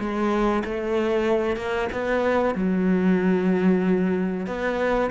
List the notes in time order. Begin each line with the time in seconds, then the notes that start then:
0.00 G#3
0.65 A3
1.57 A#3
1.93 B3
2.55 F#3
4.47 B3